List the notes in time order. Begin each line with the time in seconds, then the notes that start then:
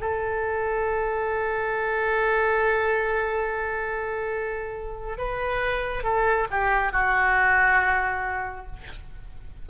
0.00 A4
5.18 B4
6.03 A4
6.51 G4
6.92 F#4